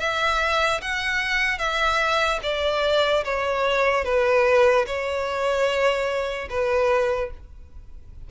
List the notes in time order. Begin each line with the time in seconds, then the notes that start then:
0.00 E5
0.81 F#5
1.59 E5
2.43 D5
3.25 C#5
4.05 B4
4.87 C#5
6.50 B4